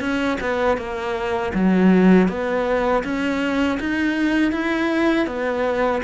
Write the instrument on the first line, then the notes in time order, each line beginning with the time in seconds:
cello
0.00 C#4
0.41 B3
0.77 A#3
1.54 F#3
2.28 B3
3.04 C#4
3.80 D#4
4.52 E4
5.27 B3